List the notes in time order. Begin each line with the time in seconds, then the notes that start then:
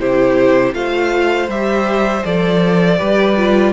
0.00 C3 E4 G4 C5
0.74 A3 F4 C5 F5
1.49 G3 G4 E5
2.24 F3 A4 D5
2.98 G3 G4 B4
3.37 F4